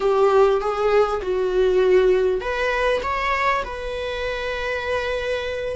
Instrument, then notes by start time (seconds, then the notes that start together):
viola
0.00 G4
0.60 G#4
1.21 F#4
2.40 B4
3.02 C#5
3.64 B4